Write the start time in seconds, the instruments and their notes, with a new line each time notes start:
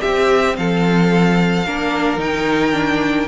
0.00 viola C4, cello C4, violin G4 E5
0.56 cello F3, violin A4 F5
1.66 cello A#3, viola D4, violin A#4
2.17 cello D#3, viola D#4, violin G5
2.72 viola D4